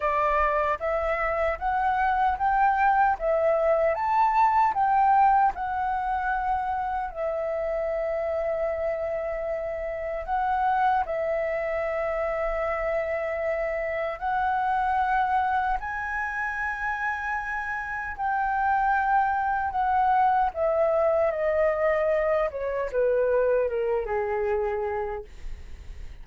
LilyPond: \new Staff \with { instrumentName = "flute" } { \time 4/4 \tempo 4 = 76 d''4 e''4 fis''4 g''4 | e''4 a''4 g''4 fis''4~ | fis''4 e''2.~ | e''4 fis''4 e''2~ |
e''2 fis''2 | gis''2. g''4~ | g''4 fis''4 e''4 dis''4~ | dis''8 cis''8 b'4 ais'8 gis'4. | }